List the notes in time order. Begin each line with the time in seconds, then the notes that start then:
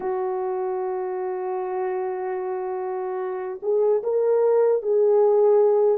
0.00 F#4
3.62 G#4
4.03 A#4
4.82 G#4